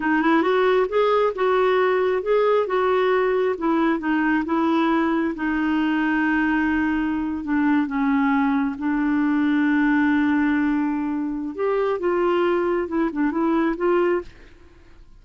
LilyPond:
\new Staff \with { instrumentName = "clarinet" } { \time 4/4 \tempo 4 = 135 dis'8 e'8 fis'4 gis'4 fis'4~ | fis'4 gis'4 fis'2 | e'4 dis'4 e'2 | dis'1~ |
dis'8. d'4 cis'2 d'16~ | d'1~ | d'2 g'4 f'4~ | f'4 e'8 d'8 e'4 f'4 | }